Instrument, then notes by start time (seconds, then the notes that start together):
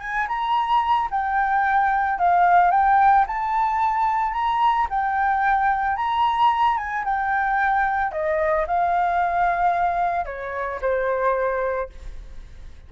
flute
0.00 G#5
0.28 A#5
1.11 G5
2.19 F5
2.71 G5
3.27 A5
4.33 A#5
4.90 G5
5.97 A#5
6.78 G#5
7.05 G5
8.12 D#5
8.67 F5
10.26 C#5
10.82 C5